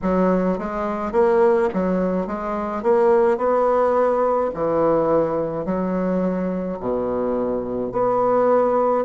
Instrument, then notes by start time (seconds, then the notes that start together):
bassoon
0.02 F#3
0.58 G#3
1.12 A#3
1.73 F#3
2.26 G#3
2.83 A#3
3.37 B3
4.53 E3
5.64 F#3
6.80 B2
7.92 B3